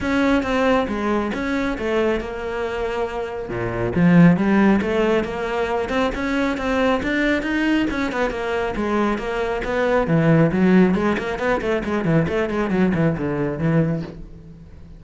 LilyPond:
\new Staff \with { instrumentName = "cello" } { \time 4/4 \tempo 4 = 137 cis'4 c'4 gis4 cis'4 | a4 ais2. | ais,4 f4 g4 a4 | ais4. c'8 cis'4 c'4 |
d'4 dis'4 cis'8 b8 ais4 | gis4 ais4 b4 e4 | fis4 gis8 ais8 b8 a8 gis8 e8 | a8 gis8 fis8 e8 d4 e4 | }